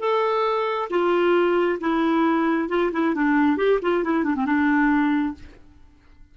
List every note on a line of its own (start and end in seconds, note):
0.00 0.89 A4
0.90 1.79 F4
1.80 2.69 E4
2.69 2.91 F4
2.93 3.15 E4
3.15 3.57 D4
3.57 3.79 G4
3.82 4.04 F4
4.04 4.24 E4
4.24 4.35 D4
4.35 4.45 C4
4.45 5.34 D4